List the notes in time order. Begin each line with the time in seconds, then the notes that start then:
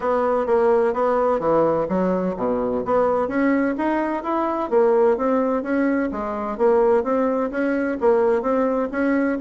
0.00 B3
0.46 A#3
0.93 B3
1.39 E3
1.88 F#3
2.37 B2
2.85 B3
3.27 C#4
3.77 D#4
4.23 E4
4.70 A#3
5.17 C4
5.62 C#4
6.11 G#3
6.57 A#3
7.03 C4
7.50 C#4
8.00 A#3
8.42 C4
8.91 C#4